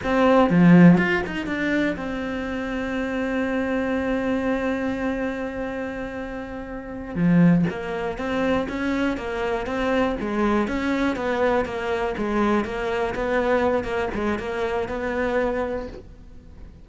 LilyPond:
\new Staff \with { instrumentName = "cello" } { \time 4/4 \tempo 4 = 121 c'4 f4 f'8 dis'8 d'4 | c'1~ | c'1~ | c'2~ c'8 f4 ais8~ |
ais8 c'4 cis'4 ais4 c'8~ | c'8 gis4 cis'4 b4 ais8~ | ais8 gis4 ais4 b4. | ais8 gis8 ais4 b2 | }